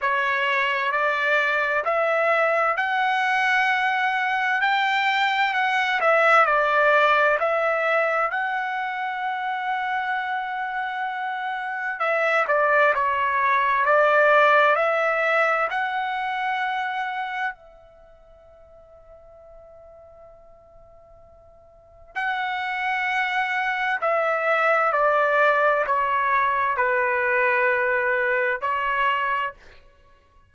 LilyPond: \new Staff \with { instrumentName = "trumpet" } { \time 4/4 \tempo 4 = 65 cis''4 d''4 e''4 fis''4~ | fis''4 g''4 fis''8 e''8 d''4 | e''4 fis''2.~ | fis''4 e''8 d''8 cis''4 d''4 |
e''4 fis''2 e''4~ | e''1 | fis''2 e''4 d''4 | cis''4 b'2 cis''4 | }